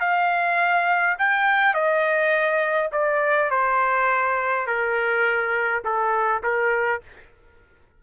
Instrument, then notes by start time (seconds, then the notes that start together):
trumpet
0.00 F5
1.18 G5
1.74 D#5
2.92 D5
3.50 C5
4.67 A#4
5.84 A4
6.43 A#4